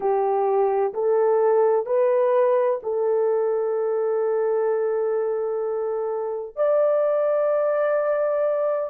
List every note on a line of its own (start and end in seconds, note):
0.00 0.93 G4
0.93 1.85 A4
1.85 2.79 B4
2.83 6.55 A4
6.55 8.90 D5